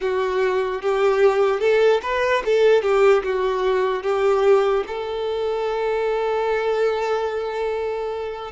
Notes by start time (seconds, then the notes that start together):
0.00 F#4
0.81 G4
1.60 A4
2.02 B4
2.45 A4
2.82 G4
3.23 F#4
4.02 G4
4.87 A4